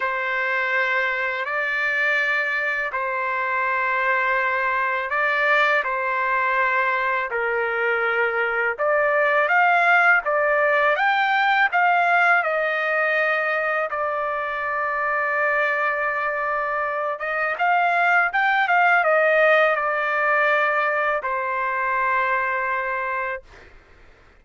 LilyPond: \new Staff \with { instrumentName = "trumpet" } { \time 4/4 \tempo 4 = 82 c''2 d''2 | c''2. d''4 | c''2 ais'2 | d''4 f''4 d''4 g''4 |
f''4 dis''2 d''4~ | d''2.~ d''8 dis''8 | f''4 g''8 f''8 dis''4 d''4~ | d''4 c''2. | }